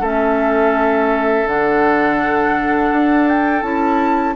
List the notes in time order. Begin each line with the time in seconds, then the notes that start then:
0.00 A3 C#4 A4 E5
1.45 D3 D4 F#5
2.92 D4
3.28 G5
3.62 C#4 E4 A5